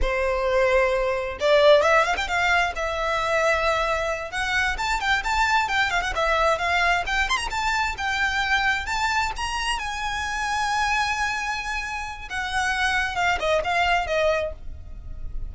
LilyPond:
\new Staff \with { instrumentName = "violin" } { \time 4/4 \tempo 4 = 132 c''2. d''4 | e''8 f''16 g''16 f''4 e''2~ | e''4. fis''4 a''8 g''8 a''8~ | a''8 g''8 f''16 fis''16 e''4 f''4 g''8 |
c'''16 ais''16 a''4 g''2 a''8~ | a''8 ais''4 gis''2~ gis''8~ | gis''2. fis''4~ | fis''4 f''8 dis''8 f''4 dis''4 | }